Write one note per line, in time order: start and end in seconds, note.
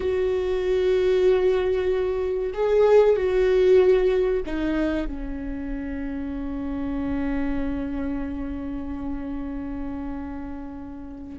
0.00 2.53 F#4
2.53 3.16 G#4
3.16 4.42 F#4
4.46 5.07 D#4
5.07 11.39 C#4